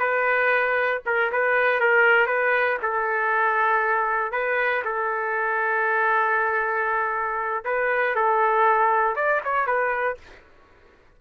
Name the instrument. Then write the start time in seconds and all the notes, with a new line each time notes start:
trumpet
0.00 B4
1.06 A#4
1.32 B4
1.81 A#4
2.27 B4
2.83 A4
4.32 B4
4.85 A4
7.65 B4
8.16 A4
9.16 D5
9.45 C#5
9.67 B4